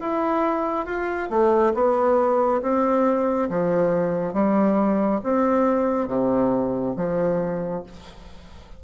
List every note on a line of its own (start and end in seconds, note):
0.00 0.86 E4
0.86 1.29 F4
1.30 1.74 A3
1.75 2.62 B3
2.62 3.49 C4
3.49 4.34 F3
4.34 5.21 G3
5.24 6.08 C4
6.08 6.95 C3
6.96 7.83 F3